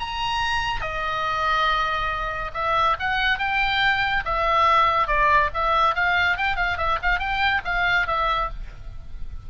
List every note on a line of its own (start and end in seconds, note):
0.00 0.81 A#5
0.81 2.51 D#5
2.54 2.97 E5
2.99 3.38 F#5
3.38 4.24 G5
4.25 5.07 E5
5.07 5.50 D5
5.54 5.95 E5
5.95 6.37 F5
6.37 6.56 G5
6.56 6.77 F5
6.78 6.99 E5
7.02 7.19 F5
7.19 7.62 G5
7.65 8.07 F5
8.07 8.49 E5